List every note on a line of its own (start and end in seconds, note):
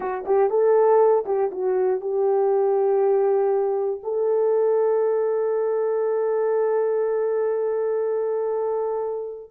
0.00 0.24 F#4
0.25 0.50 G4
0.50 1.25 A4
1.25 1.50 G4
1.51 2.00 F#4
2.00 4.00 G4
4.03 9.51 A4